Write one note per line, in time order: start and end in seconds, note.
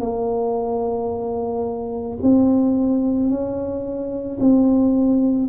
0.00 2.18 A#3
2.22 3.30 C4
3.30 4.39 C#4
4.40 5.49 C4